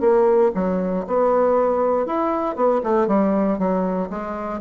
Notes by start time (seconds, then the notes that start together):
0.00 A#3
0.54 F#3
1.07 B3
2.06 E4
2.55 B3
2.83 A3
3.07 G3
3.58 F#3
4.10 G#3